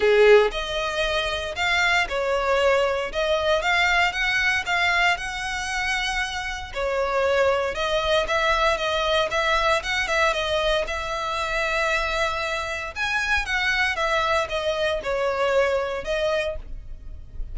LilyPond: \new Staff \with { instrumentName = "violin" } { \time 4/4 \tempo 4 = 116 gis'4 dis''2 f''4 | cis''2 dis''4 f''4 | fis''4 f''4 fis''2~ | fis''4 cis''2 dis''4 |
e''4 dis''4 e''4 fis''8 e''8 | dis''4 e''2.~ | e''4 gis''4 fis''4 e''4 | dis''4 cis''2 dis''4 | }